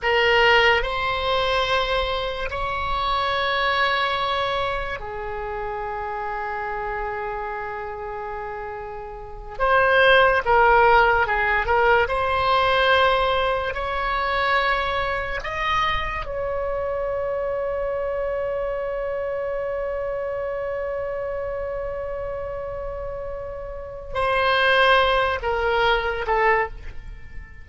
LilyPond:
\new Staff \with { instrumentName = "oboe" } { \time 4/4 \tempo 4 = 72 ais'4 c''2 cis''4~ | cis''2 gis'2~ | gis'2.~ gis'8 c''8~ | c''8 ais'4 gis'8 ais'8 c''4.~ |
c''8 cis''2 dis''4 cis''8~ | cis''1~ | cis''1~ | cis''4 c''4. ais'4 a'8 | }